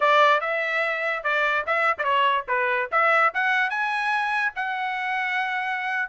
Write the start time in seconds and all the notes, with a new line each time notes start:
0.00 D5
0.40 E5
1.23 D5
1.66 E5
1.98 C#5 D5
2.48 B4
2.91 E5
3.33 F#5
3.70 G#5
4.55 F#5